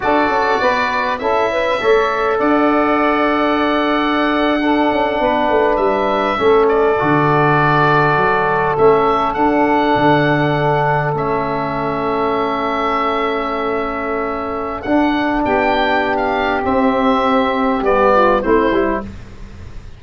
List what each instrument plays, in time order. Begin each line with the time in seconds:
0.00 tuba D4, trombone F#4, saxophone A4, oboe D5
0.28 tuba C#4
0.60 tuba B3, saxophone B4
1.18 tuba C#4, trombone E4, saxophone A4, oboe E5
1.51 saxophone B4
1.80 tuba A3, trombone A4, saxophone C#5
2.38 tuba D4, saxophone D5, oboe F#5
4.60 trombone D4, saxophone A4
4.90 tuba C#4
5.19 tuba B3, saxophone B4
5.49 tuba A3
5.76 tuba G3, oboe E5
6.36 tuba A3, trombone C#4, saxophone A4
6.68 oboe D5
6.98 tuba D3, trombone F#4
8.16 tuba F#3
8.77 tuba A3, trombone C#4, oboe E5
9.33 tuba D4, trombone D4, oboe F#5
9.95 tuba D3
11.13 tuba A3, trombone C#4, oboe E5
14.82 tuba D4, trombone D4, oboe F#5
15.44 tuba B3, saxophone G4, oboe G5
16.16 oboe F5
16.63 trombone C4, tuba C4, oboe E5
17.82 tuba G3, trombone B3, oboe D5
18.12 saxophone F4
18.41 tuba A3, trombone C4, saxophone E4, oboe C5
18.71 tuba G3, trombone E4